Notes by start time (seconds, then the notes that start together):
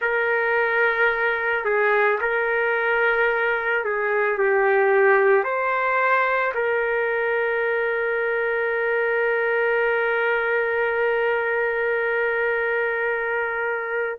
0.00 A#4
1.64 G#4
2.21 A#4
3.84 G#4
4.38 G4
5.43 C5
6.54 A#4